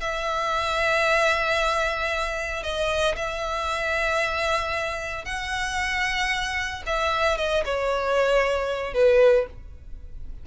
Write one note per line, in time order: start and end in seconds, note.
0.00 2.63 E5
2.63 3.16 D#5
3.16 5.25 E5
5.25 6.83 F#5
6.86 7.37 E5
7.37 7.64 D#5
7.65 8.94 C#5
8.94 9.47 B4